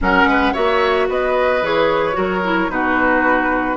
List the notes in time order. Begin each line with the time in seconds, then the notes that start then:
0.01 F#3 C#4 A#4 F#5
0.24 G#3 B4
0.52 A#3 F#4 C#5 E5
1.08 B3 B4 D#5
1.61 E3 G#4 C#5
2.13 F#3 F#4 A#4
2.44 E4
2.69 B2 D#4 F#4 B4